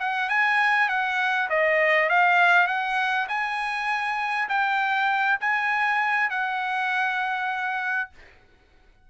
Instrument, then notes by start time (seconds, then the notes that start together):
trumpet
0.00 F#5
0.30 G#5
0.89 F#5
1.50 D#5
2.10 F5
2.68 F#5
3.29 G#5
4.49 G5
5.41 G#5
6.30 F#5